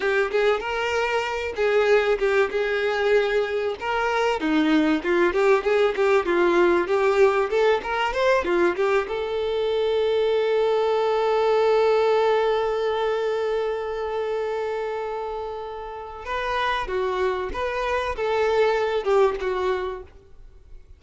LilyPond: \new Staff \with { instrumentName = "violin" } { \time 4/4 \tempo 4 = 96 g'8 gis'8 ais'4. gis'4 g'8 | gis'2 ais'4 dis'4 | f'8 g'8 gis'8 g'8 f'4 g'4 | a'8 ais'8 c''8 f'8 g'8 a'4.~ |
a'1~ | a'1~ | a'2 b'4 fis'4 | b'4 a'4. g'8 fis'4 | }